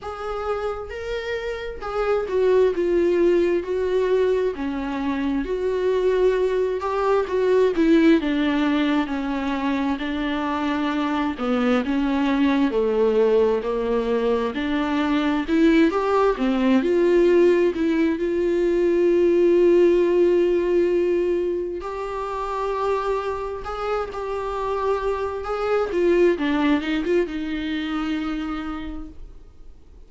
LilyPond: \new Staff \with { instrumentName = "viola" } { \time 4/4 \tempo 4 = 66 gis'4 ais'4 gis'8 fis'8 f'4 | fis'4 cis'4 fis'4. g'8 | fis'8 e'8 d'4 cis'4 d'4~ | d'8 b8 cis'4 a4 ais4 |
d'4 e'8 g'8 c'8 f'4 e'8 | f'1 | g'2 gis'8 g'4. | gis'8 f'8 d'8 dis'16 f'16 dis'2 | }